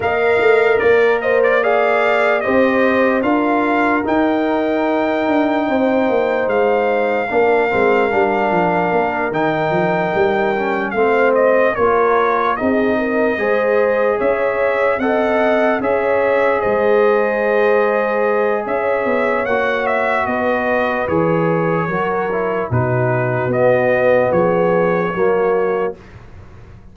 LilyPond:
<<
  \new Staff \with { instrumentName = "trumpet" } { \time 4/4 \tempo 4 = 74 f''4 d''8 dis''16 d''16 f''4 dis''4 | f''4 g''2. | f''2.~ f''8 g''8~ | g''4. f''8 dis''8 cis''4 dis''8~ |
dis''4. e''4 fis''4 e''8~ | e''8 dis''2~ dis''8 e''4 | fis''8 e''8 dis''4 cis''2 | b'4 dis''4 cis''2 | }
  \new Staff \with { instrumentName = "horn" } { \time 4/4 dis''4 ais'8 c''8 d''4 c''4 | ais'2. c''4~ | c''4 ais'2.~ | ais'4. c''4 ais'4 gis'8 |
ais'8 c''4 cis''4 dis''4 cis''8~ | cis''8 c''2~ c''8 cis''4~ | cis''4 b'2 ais'4 | fis'2 gis'4 fis'4 | }
  \new Staff \with { instrumentName = "trombone" } { \time 4/4 ais'2 gis'4 g'4 | f'4 dis'2.~ | dis'4 d'8 c'8 d'4. dis'8~ | dis'4 cis'8 c'4 f'4 dis'8~ |
dis'8 gis'2 a'4 gis'8~ | gis'1 | fis'2 gis'4 fis'8 e'8 | dis'4 b2 ais4 | }
  \new Staff \with { instrumentName = "tuba" } { \time 4/4 ais8 a8 ais2 c'4 | d'4 dis'4. d'8 c'8 ais8 | gis4 ais8 gis8 g8 f8 ais8 dis8 | f8 g4 a4 ais4 c'8~ |
c'8 gis4 cis'4 c'4 cis'8~ | cis'8 gis2~ gis8 cis'8 b8 | ais4 b4 e4 fis4 | b,4 b4 f4 fis4 | }
>>